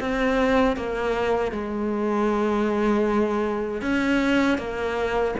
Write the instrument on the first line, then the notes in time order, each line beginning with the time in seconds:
cello
0.00 C4
0.77 A#3
1.52 G#3
3.81 C#4
4.58 A#3